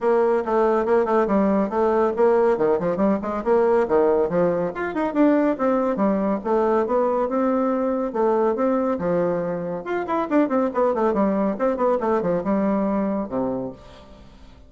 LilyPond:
\new Staff \with { instrumentName = "bassoon" } { \time 4/4 \tempo 4 = 140 ais4 a4 ais8 a8 g4 | a4 ais4 dis8 f8 g8 gis8 | ais4 dis4 f4 f'8 dis'8 | d'4 c'4 g4 a4 |
b4 c'2 a4 | c'4 f2 f'8 e'8 | d'8 c'8 b8 a8 g4 c'8 b8 | a8 f8 g2 c4 | }